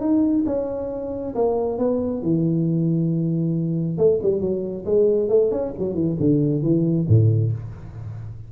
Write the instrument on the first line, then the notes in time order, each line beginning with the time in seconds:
tuba
0.00 D#4
0.46 C#4
1.35 A#3
1.78 B3
2.22 E3
3.98 A3
4.23 G3
4.41 F#3
4.85 G#3
5.29 A3
5.51 C#4
5.79 F#3
5.94 E3
6.20 D3
6.63 E3
7.08 A2